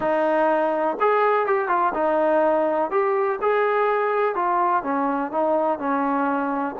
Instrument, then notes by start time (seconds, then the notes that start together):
trombone
0.00 D#4
1.00 G#4
1.46 G4
1.68 F4
1.94 D#4
2.91 G4
3.41 G#4
4.35 F4
4.83 C#4
5.31 D#4
5.78 C#4